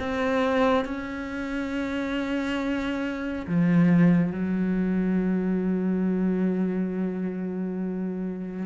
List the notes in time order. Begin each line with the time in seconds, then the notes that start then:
0.00 C4
0.85 C#4
3.47 F3
4.32 F#3